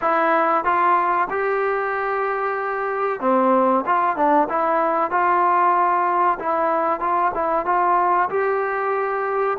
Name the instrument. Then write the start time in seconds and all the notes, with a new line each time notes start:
trombone
0.01 E4
0.64 F4
1.29 G4
3.20 C4
3.86 F4
4.16 D4
4.49 E4
5.11 F4
6.39 E4
7.00 F4
7.34 E4
7.65 F4
8.29 G4